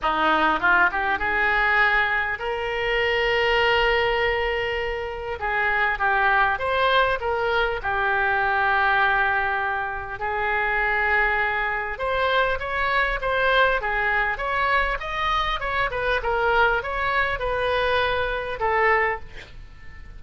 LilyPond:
\new Staff \with { instrumentName = "oboe" } { \time 4/4 \tempo 4 = 100 dis'4 f'8 g'8 gis'2 | ais'1~ | ais'4 gis'4 g'4 c''4 | ais'4 g'2.~ |
g'4 gis'2. | c''4 cis''4 c''4 gis'4 | cis''4 dis''4 cis''8 b'8 ais'4 | cis''4 b'2 a'4 | }